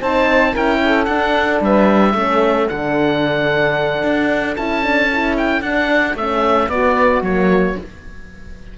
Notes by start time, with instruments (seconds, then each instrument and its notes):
0.00 cello C4, horn D#4, saxophone C5, oboe A5
0.52 cello C#4, horn E4, saxophone A#4, oboe G5
0.85 saxophone A4
1.05 cello D4, horn D4, oboe F#5
1.61 cello G3, saxophone B4, oboe E5
2.14 cello A3, horn C#4, saxophone A4
2.68 cello D3, horn D4, oboe F#5
4.03 cello D4
4.56 cello C#4, horn E4, oboe A5
4.83 horn D4
5.13 horn E4
5.38 oboe G5
5.62 cello D4, horn D4, oboe F#5
6.15 cello A3, horn C#4, oboe E5
6.69 cello B3, horn B3, saxophone F#4, oboe D5
7.22 cello F#3, horn A#3, oboe C#5